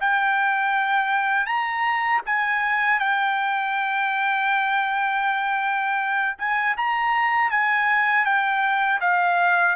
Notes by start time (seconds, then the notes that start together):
0.00 G5
1.46 A#5
2.26 G#5
2.99 G5
6.38 G#5
6.77 A#5
7.50 G#5
8.25 G5
9.01 F5